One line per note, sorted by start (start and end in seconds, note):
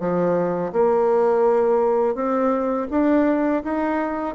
0.00 0.72 F3
0.73 2.15 A#3
2.15 2.87 C4
2.91 3.63 D4
3.64 4.35 D#4